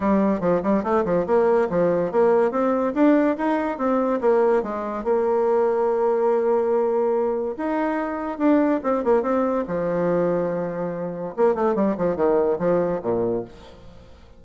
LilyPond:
\new Staff \with { instrumentName = "bassoon" } { \time 4/4 \tempo 4 = 143 g4 f8 g8 a8 f8 ais4 | f4 ais4 c'4 d'4 | dis'4 c'4 ais4 gis4 | ais1~ |
ais2 dis'2 | d'4 c'8 ais8 c'4 f4~ | f2. ais8 a8 | g8 f8 dis4 f4 ais,4 | }